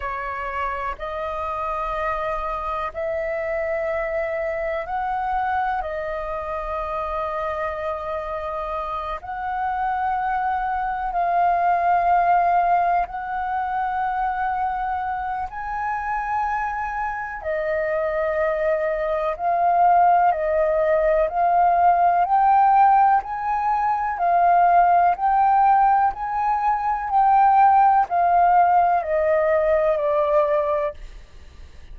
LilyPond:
\new Staff \with { instrumentName = "flute" } { \time 4/4 \tempo 4 = 62 cis''4 dis''2 e''4~ | e''4 fis''4 dis''2~ | dis''4. fis''2 f''8~ | f''4. fis''2~ fis''8 |
gis''2 dis''2 | f''4 dis''4 f''4 g''4 | gis''4 f''4 g''4 gis''4 | g''4 f''4 dis''4 d''4 | }